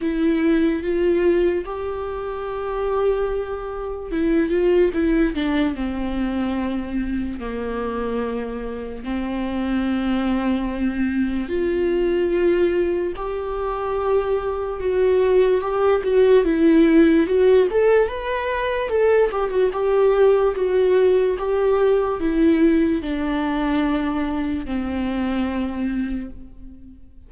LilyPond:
\new Staff \with { instrumentName = "viola" } { \time 4/4 \tempo 4 = 73 e'4 f'4 g'2~ | g'4 e'8 f'8 e'8 d'8 c'4~ | c'4 ais2 c'4~ | c'2 f'2 |
g'2 fis'4 g'8 fis'8 | e'4 fis'8 a'8 b'4 a'8 g'16 fis'16 | g'4 fis'4 g'4 e'4 | d'2 c'2 | }